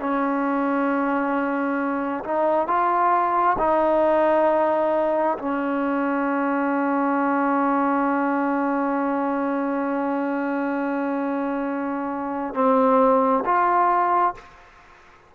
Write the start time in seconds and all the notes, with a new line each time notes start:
0.00 C#4
2.24 D#4
2.67 F4
3.59 D#4
5.39 C#4
12.55 C4
13.45 F4